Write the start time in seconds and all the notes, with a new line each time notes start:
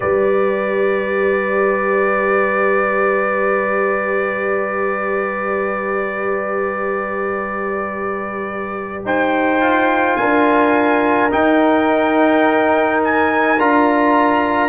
0.00 G3 G4 B4 D5
9.04 D#4 C5 G5
9.60 F4
10.16 D4 A#4 G#5
11.30 D#4 G5
13.04 G#5
13.58 D4 F4 A#5